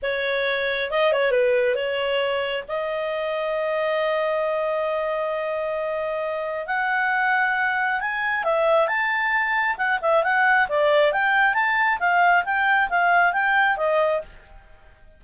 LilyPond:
\new Staff \with { instrumentName = "clarinet" } { \time 4/4 \tempo 4 = 135 cis''2 dis''8 cis''8 b'4 | cis''2 dis''2~ | dis''1~ | dis''2. fis''4~ |
fis''2 gis''4 e''4 | a''2 fis''8 e''8 fis''4 | d''4 g''4 a''4 f''4 | g''4 f''4 g''4 dis''4 | }